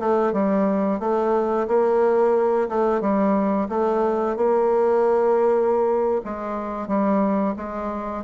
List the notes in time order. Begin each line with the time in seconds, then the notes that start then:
0.00 A3
0.33 G3
1.00 A3
1.68 A#3
2.69 A3
3.01 G3
3.69 A3
4.37 A#3
6.25 G#3
6.88 G3
7.57 G#3